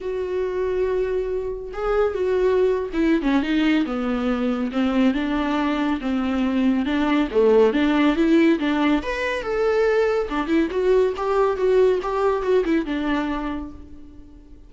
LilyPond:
\new Staff \with { instrumentName = "viola" } { \time 4/4 \tempo 4 = 140 fis'1 | gis'4 fis'4.~ fis'16 e'8. cis'8 | dis'4 b2 c'4 | d'2 c'2 |
d'4 a4 d'4 e'4 | d'4 b'4 a'2 | d'8 e'8 fis'4 g'4 fis'4 | g'4 fis'8 e'8 d'2 | }